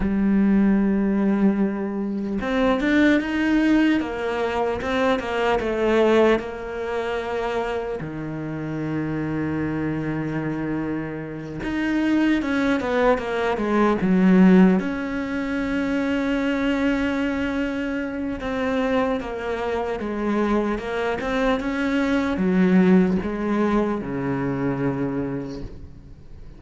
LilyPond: \new Staff \with { instrumentName = "cello" } { \time 4/4 \tempo 4 = 75 g2. c'8 d'8 | dis'4 ais4 c'8 ais8 a4 | ais2 dis2~ | dis2~ dis8 dis'4 cis'8 |
b8 ais8 gis8 fis4 cis'4.~ | cis'2. c'4 | ais4 gis4 ais8 c'8 cis'4 | fis4 gis4 cis2 | }